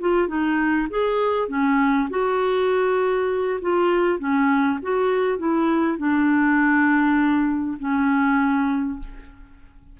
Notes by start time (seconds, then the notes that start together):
0.00 F4
0.28 D#4
0.89 G#4
1.48 C#4
2.10 F#4
3.61 F4
4.19 C#4
4.82 F#4
5.38 E4
5.98 D4
7.79 C#4